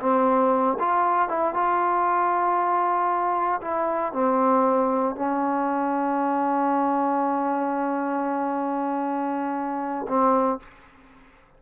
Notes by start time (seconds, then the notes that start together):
0.00 C4
0.79 F4
1.29 E4
1.54 F4
3.61 E4
4.13 C4
5.15 C#4
10.08 C4